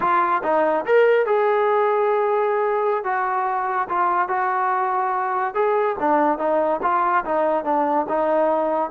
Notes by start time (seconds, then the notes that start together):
0.00 F4
0.43 D#4
0.85 A#4
1.25 G#4
3.04 F#4
3.88 F4
4.28 F#4
5.54 G#4
5.99 D4
6.38 D#4
6.82 F4
7.24 D#4
7.64 D4
8.08 D#4